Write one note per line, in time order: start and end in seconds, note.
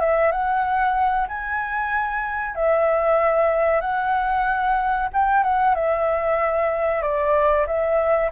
0.00 0.32 E5
0.32 1.27 F#5
1.28 2.55 G#5
2.55 3.81 E5
3.81 5.09 F#5
5.13 5.43 G5
5.43 5.75 F#5
5.75 7.02 E5
7.02 7.66 D5
7.67 8.30 E5